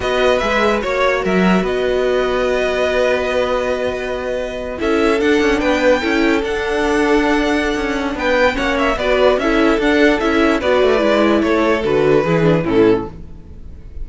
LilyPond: <<
  \new Staff \with { instrumentName = "violin" } { \time 4/4 \tempo 4 = 147 dis''4 e''4 cis''4 e''4 | dis''1~ | dis''2.~ dis''8. e''16~ | e''8. fis''4 g''2 fis''16~ |
fis''1 | g''4 fis''8 e''8 d''4 e''4 | fis''4 e''4 d''2 | cis''4 b'2 a'4 | }
  \new Staff \with { instrumentName = "violin" } { \time 4/4 b'2 cis''4 ais'4 | b'1~ | b'2.~ b'8. a'16~ | a'4.~ a'16 b'4 a'4~ a'16~ |
a'1 | b'4 cis''4 b'4 a'4~ | a'2 b'2 | a'2 gis'4 e'4 | }
  \new Staff \with { instrumentName = "viola" } { \time 4/4 fis'4 gis'4 fis'2~ | fis'1~ | fis'2.~ fis'8. e'16~ | e'8. d'2 e'4 d'16~ |
d'1~ | d'4 cis'4 fis'4 e'4 | d'4 e'4 fis'4 e'4~ | e'4 fis'4 e'8 d'8 cis'4 | }
  \new Staff \with { instrumentName = "cello" } { \time 4/4 b4 gis4 ais4 fis4 | b1~ | b2.~ b8. cis'16~ | cis'8. d'8 cis'8 b4 cis'4 d'16~ |
d'2. cis'4 | b4 ais4 b4 cis'4 | d'4 cis'4 b8 a8 gis4 | a4 d4 e4 a,4 | }
>>